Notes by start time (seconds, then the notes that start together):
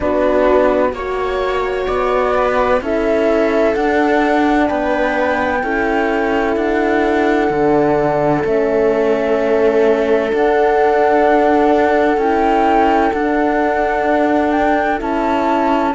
0.00 B3 D4 F#4 B4
0.93 A#3 F#4 C#5
1.87 B3 D5
2.35 B4
2.81 C#4 E4 A4 E5
3.74 D4 F#5
4.67 B3 B4 G5
5.62 C#4 E4 A4
6.56 D4 F#5
7.49 D3 D4
8.42 A3 C#4 E5
10.29 D4 F#5
12.17 C#4 E4 G5
13.12 D4 F#5
14.51 G5
14.98 C#4 E4 A5